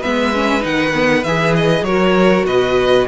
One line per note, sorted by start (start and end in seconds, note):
0.00 0.64 G#3
0.00 0.33 B3
0.00 1.84 B4
0.00 0.63 E5
0.34 0.60 C#4
0.60 1.25 D#3
0.60 0.91 D#4
0.60 1.23 F#5
0.94 1.25 B3
1.23 1.81 E3
1.23 1.87 G#4
1.23 1.54 E5
1.56 1.84 D#5
1.81 2.42 F#3
1.81 3.07 F#4
1.81 2.46 A#4
1.81 2.45 C#5
2.46 3.07 B2
2.46 3.07 B4
2.46 3.07 D#5